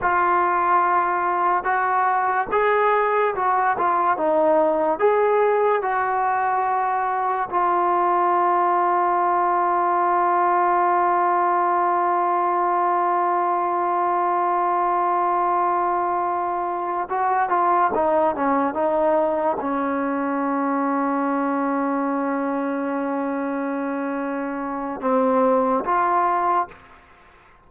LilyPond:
\new Staff \with { instrumentName = "trombone" } { \time 4/4 \tempo 4 = 72 f'2 fis'4 gis'4 | fis'8 f'8 dis'4 gis'4 fis'4~ | fis'4 f'2.~ | f'1~ |
f'1~ | f'8 fis'8 f'8 dis'8 cis'8 dis'4 cis'8~ | cis'1~ | cis'2 c'4 f'4 | }